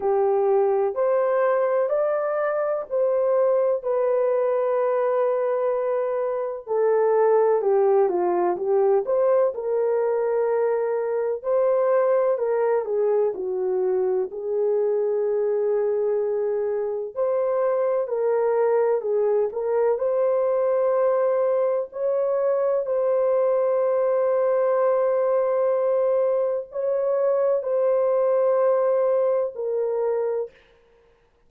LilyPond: \new Staff \with { instrumentName = "horn" } { \time 4/4 \tempo 4 = 63 g'4 c''4 d''4 c''4 | b'2. a'4 | g'8 f'8 g'8 c''8 ais'2 | c''4 ais'8 gis'8 fis'4 gis'4~ |
gis'2 c''4 ais'4 | gis'8 ais'8 c''2 cis''4 | c''1 | cis''4 c''2 ais'4 | }